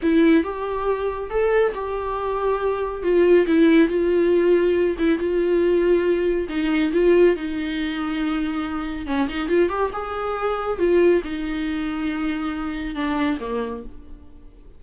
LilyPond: \new Staff \with { instrumentName = "viola" } { \time 4/4 \tempo 4 = 139 e'4 g'2 a'4 | g'2. f'4 | e'4 f'2~ f'8 e'8 | f'2. dis'4 |
f'4 dis'2.~ | dis'4 cis'8 dis'8 f'8 g'8 gis'4~ | gis'4 f'4 dis'2~ | dis'2 d'4 ais4 | }